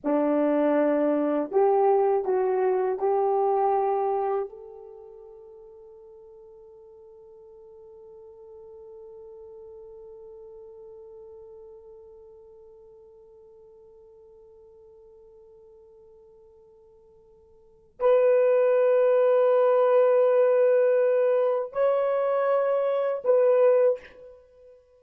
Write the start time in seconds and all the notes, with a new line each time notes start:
0.04 D4
1.51 G4
2.24 F#4
2.99 G4
4.49 A4
17.99 B4
21.72 C#5
23.24 B4